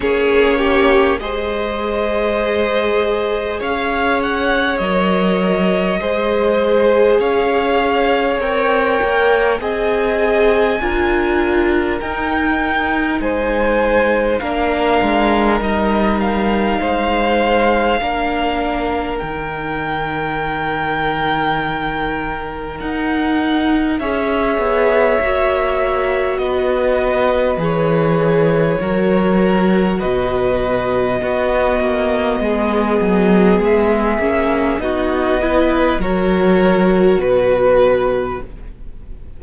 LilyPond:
<<
  \new Staff \with { instrumentName = "violin" } { \time 4/4 \tempo 4 = 50 cis''4 dis''2 f''8 fis''8 | dis''2 f''4 g''4 | gis''2 g''4 gis''4 | f''4 dis''8 f''2~ f''8 |
g''2. fis''4 | e''2 dis''4 cis''4~ | cis''4 dis''2. | e''4 dis''4 cis''4 b'4 | }
  \new Staff \with { instrumentName = "violin" } { \time 4/4 gis'8 g'8 c''2 cis''4~ | cis''4 c''4 cis''2 | dis''4 ais'2 c''4 | ais'2 c''4 ais'4~ |
ais'1 | cis''2 b'2 | ais'4 b'4 fis'4 gis'4~ | gis'4 fis'8 b'8 ais'4 b'4 | }
  \new Staff \with { instrumentName = "viola" } { \time 4/4 cis'4 gis'2. | ais'4 gis'2 ais'4 | gis'4 f'4 dis'2 | d'4 dis'2 d'4 |
dis'1 | gis'4 fis'2 gis'4 | fis'2 b2~ | b8 cis'8 dis'8 e'8 fis'2 | }
  \new Staff \with { instrumentName = "cello" } { \time 4/4 ais4 gis2 cis'4 | fis4 gis4 cis'4 c'8 ais8 | c'4 d'4 dis'4 gis4 | ais8 gis8 g4 gis4 ais4 |
dis2. dis'4 | cis'8 b8 ais4 b4 e4 | fis4 b,4 b8 ais8 gis8 fis8 | gis8 ais8 b4 fis4 b,4 | }
>>